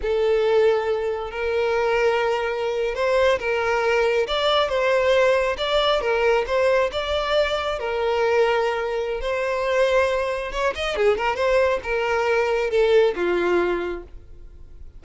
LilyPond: \new Staff \with { instrumentName = "violin" } { \time 4/4 \tempo 4 = 137 a'2. ais'4~ | ais'2~ ais'8. c''4 ais'16~ | ais'4.~ ais'16 d''4 c''4~ c''16~ | c''8. d''4 ais'4 c''4 d''16~ |
d''4.~ d''16 ais'2~ ais'16~ | ais'4 c''2. | cis''8 dis''8 gis'8 ais'8 c''4 ais'4~ | ais'4 a'4 f'2 | }